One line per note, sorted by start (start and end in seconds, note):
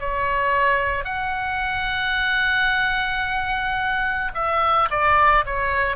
0.00 1.05 C#5
1.05 4.32 F#5
4.34 4.89 E5
4.90 5.45 D5
5.46 5.97 C#5